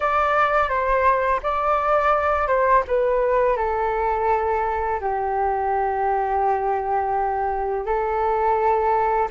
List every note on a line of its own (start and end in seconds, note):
0.00 0.68 D5
0.68 1.40 C5
1.43 2.47 D5
2.47 2.83 C5
2.87 3.56 B4
3.56 4.99 A4
5.00 7.85 G4
7.85 9.28 A4